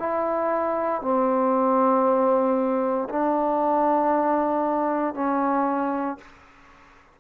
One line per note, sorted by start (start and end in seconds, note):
0.00 1.02 E4
1.02 3.09 C4
3.10 5.15 D4
5.15 6.18 C#4